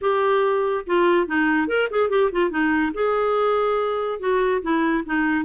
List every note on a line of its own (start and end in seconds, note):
0.01 0.84 G4
0.86 1.27 F4
1.27 1.67 D#4
1.67 1.88 A#4
1.90 2.09 G#4
2.09 2.30 G4
2.32 2.50 F4
2.50 2.92 D#4
2.94 4.19 G#4
4.19 4.61 F#4
4.62 5.03 E4
5.05 5.45 D#4